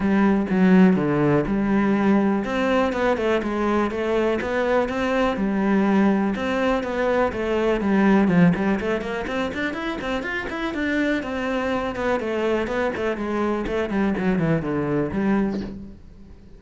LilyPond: \new Staff \with { instrumentName = "cello" } { \time 4/4 \tempo 4 = 123 g4 fis4 d4 g4~ | g4 c'4 b8 a8 gis4 | a4 b4 c'4 g4~ | g4 c'4 b4 a4 |
g4 f8 g8 a8 ais8 c'8 d'8 | e'8 c'8 f'8 e'8 d'4 c'4~ | c'8 b8 a4 b8 a8 gis4 | a8 g8 fis8 e8 d4 g4 | }